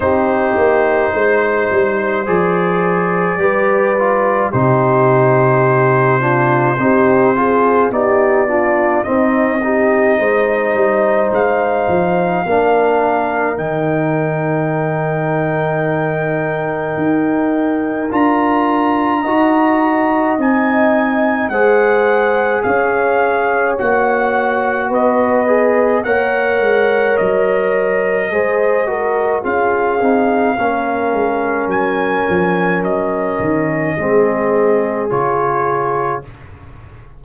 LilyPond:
<<
  \new Staff \with { instrumentName = "trumpet" } { \time 4/4 \tempo 4 = 53 c''2 d''2 | c''2. d''4 | dis''2 f''2 | g''1 |
ais''2 gis''4 fis''4 | f''4 fis''4 dis''4 fis''4 | dis''2 f''2 | gis''4 dis''2 cis''4 | }
  \new Staff \with { instrumentName = "horn" } { \time 4/4 g'4 c''2 b'4 | g'4. f'8 g'8 gis'8 g'8 f'8 | dis'8 g'8 c''2 ais'4~ | ais'1~ |
ais'4 dis''2 c''4 | cis''2 b'4 cis''4~ | cis''4 c''8 ais'8 gis'4 ais'4~ | ais'2 gis'2 | }
  \new Staff \with { instrumentName = "trombone" } { \time 4/4 dis'2 gis'4 g'8 f'8 | dis'4. d'8 dis'8 f'8 dis'8 d'8 | c'8 dis'2~ dis'8 d'4 | dis'1 |
f'4 fis'4 dis'4 gis'4~ | gis'4 fis'4. gis'8 ais'4~ | ais'4 gis'8 fis'8 f'8 dis'8 cis'4~ | cis'2 c'4 f'4 | }
  \new Staff \with { instrumentName = "tuba" } { \time 4/4 c'8 ais8 gis8 g8 f4 g4 | c2 c'4 b4 | c'4 gis8 g8 gis8 f8 ais4 | dis2. dis'4 |
d'4 dis'4 c'4 gis4 | cis'4 ais4 b4 ais8 gis8 | fis4 gis4 cis'8 c'8 ais8 gis8 | fis8 f8 fis8 dis8 gis4 cis4 | }
>>